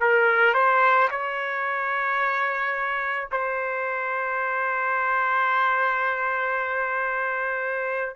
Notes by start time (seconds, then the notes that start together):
0.00 A#4
0.54 C5
1.10 C#5
3.31 C5